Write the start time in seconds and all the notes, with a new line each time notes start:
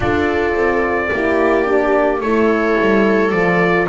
0.00 D4 F4 A4 D5
0.54 C4
1.12 A#3 E4 G4
1.64 D4
2.20 A3 E4 A4 C#5
2.81 G3
3.30 F3 F4 D5